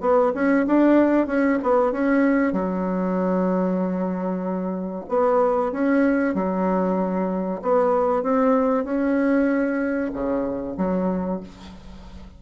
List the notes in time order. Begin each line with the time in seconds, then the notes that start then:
0.00 B3
0.34 C#4
0.67 D4
1.27 C#4
1.62 B3
1.92 C#4
2.52 F#3
5.08 B3
5.72 C#4
6.34 F#3
7.62 B3
8.22 C4
8.84 C#4
10.13 C#3
10.77 F#3